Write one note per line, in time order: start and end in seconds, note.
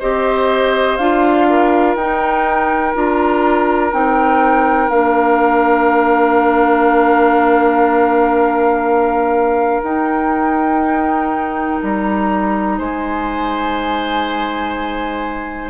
0.00 0.99 C4
0.00 1.00 G4
0.00 1.48 C5
0.00 0.97 D#5
0.97 1.96 D4
0.97 1.99 F4
0.97 1.95 F5
1.50 12.78 A#4
1.96 2.94 D#4
1.96 2.95 D#4
1.96 2.94 G5
2.95 3.93 D4
2.95 3.92 F4
2.95 3.94 A#5
3.92 4.89 C4
3.92 4.90 D#4
3.92 4.90 G5
4.89 9.81 A#3
4.89 9.84 D4
4.89 9.82 F5
9.83 11.80 D#4
9.83 15.70 D#4
9.83 11.81 G5
11.82 12.79 G3
11.82 12.78 A#5
12.78 15.70 G#3
12.78 15.70 C5
12.78 15.70 G#5